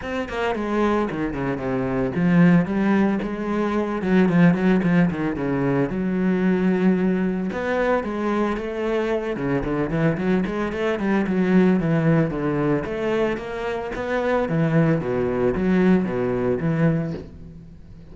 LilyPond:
\new Staff \with { instrumentName = "cello" } { \time 4/4 \tempo 4 = 112 c'8 ais8 gis4 dis8 cis8 c4 | f4 g4 gis4. fis8 | f8 fis8 f8 dis8 cis4 fis4~ | fis2 b4 gis4 |
a4. cis8 d8 e8 fis8 gis8 | a8 g8 fis4 e4 d4 | a4 ais4 b4 e4 | b,4 fis4 b,4 e4 | }